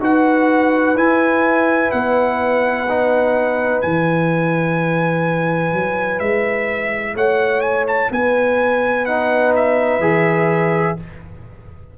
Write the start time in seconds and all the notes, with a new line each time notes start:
0.00 D#4 F#4 B4 F#5
0.95 E4 G#5
1.91 B3 F#5
2.89 D#4
3.82 E3 E4 G#5
5.73 F#3
6.19 G#3 E5
7.14 A3 C#5 F#5
7.61 G#5
7.87 A5
8.11 B3 B4 G#5
9.05 D#4 F#5
9.55 E5
9.99 E3 G#4